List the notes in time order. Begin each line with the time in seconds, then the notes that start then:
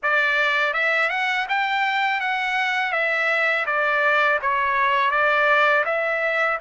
0.03 D5
0.73 E5
1.09 F#5
1.48 G5
2.20 F#5
2.92 E5
3.66 D5
4.41 C#5
5.11 D5
5.85 E5